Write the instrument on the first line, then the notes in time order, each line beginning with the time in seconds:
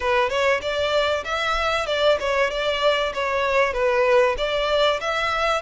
violin
0.00 B4
0.29 C#5
0.61 D5
1.24 E5
1.86 D5
2.19 C#5
2.50 D5
3.13 C#5
3.73 B4
4.37 D5
5.00 E5